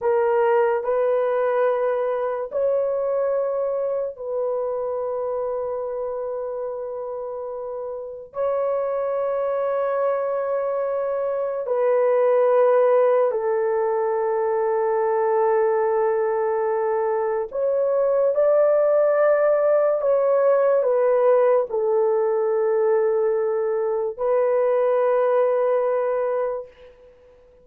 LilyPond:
\new Staff \with { instrumentName = "horn" } { \time 4/4 \tempo 4 = 72 ais'4 b'2 cis''4~ | cis''4 b'2.~ | b'2 cis''2~ | cis''2 b'2 |
a'1~ | a'4 cis''4 d''2 | cis''4 b'4 a'2~ | a'4 b'2. | }